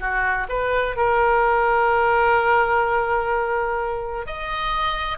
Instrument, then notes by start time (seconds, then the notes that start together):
oboe
0.00 F#4
0.49 B4
0.97 A#4
4.26 D#5